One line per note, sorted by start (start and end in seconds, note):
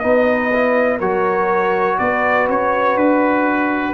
0.00 1.00 B3
0.00 0.52 D#4
0.00 0.98 B4
0.00 0.98 D#5
0.53 1.01 E4
0.98 1.99 F#3
0.98 3.94 F#4
0.98 1.97 A#4
0.98 1.99 C#5
1.99 2.49 B3
1.99 3.94 B4
1.99 2.48 D5
2.49 2.96 C#4
2.49 2.97 C#5
2.96 3.94 D4
2.96 3.94 B4